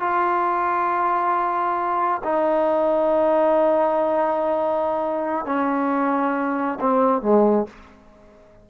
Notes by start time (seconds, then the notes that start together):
0.00 F4
2.24 D#4
5.46 C#4
6.81 C4
7.22 G#3